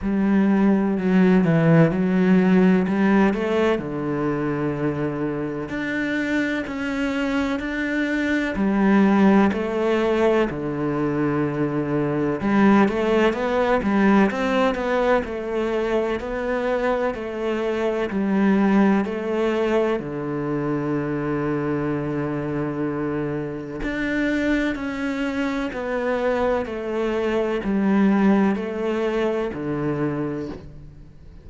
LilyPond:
\new Staff \with { instrumentName = "cello" } { \time 4/4 \tempo 4 = 63 g4 fis8 e8 fis4 g8 a8 | d2 d'4 cis'4 | d'4 g4 a4 d4~ | d4 g8 a8 b8 g8 c'8 b8 |
a4 b4 a4 g4 | a4 d2.~ | d4 d'4 cis'4 b4 | a4 g4 a4 d4 | }